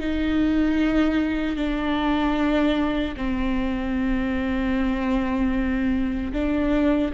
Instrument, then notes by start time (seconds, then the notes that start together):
viola
0.00 D#4
1.56 D4
3.17 C4
6.33 D4